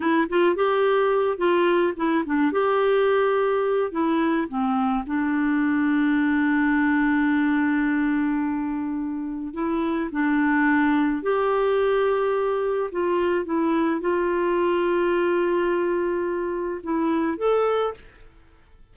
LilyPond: \new Staff \with { instrumentName = "clarinet" } { \time 4/4 \tempo 4 = 107 e'8 f'8 g'4. f'4 e'8 | d'8 g'2~ g'8 e'4 | c'4 d'2.~ | d'1~ |
d'4 e'4 d'2 | g'2. f'4 | e'4 f'2.~ | f'2 e'4 a'4 | }